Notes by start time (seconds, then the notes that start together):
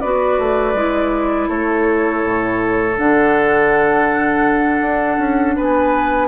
0.00 B3 F#4 B4 D5
0.38 A3
0.74 G#3 E4
1.48 A3 A4 C#5
2.24 A2
2.97 D3 D4 F#5
4.81 D4
5.18 C#4
5.56 B3 B4 G#5